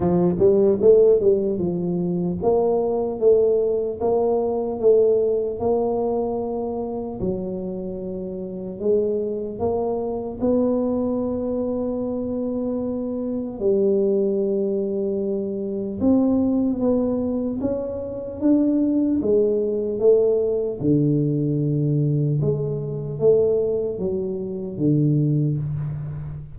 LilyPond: \new Staff \with { instrumentName = "tuba" } { \time 4/4 \tempo 4 = 75 f8 g8 a8 g8 f4 ais4 | a4 ais4 a4 ais4~ | ais4 fis2 gis4 | ais4 b2.~ |
b4 g2. | c'4 b4 cis'4 d'4 | gis4 a4 d2 | gis4 a4 fis4 d4 | }